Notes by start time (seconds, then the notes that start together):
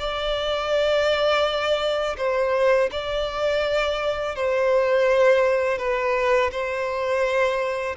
0.00 D5
2.18 C5
2.92 D5
4.36 C5
5.79 B4
6.52 C5